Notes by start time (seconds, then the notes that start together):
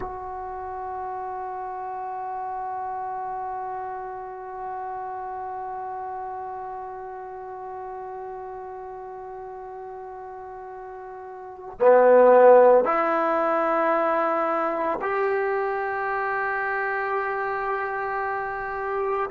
0.00 F#4
11.80 B3
12.84 E4
15.01 G4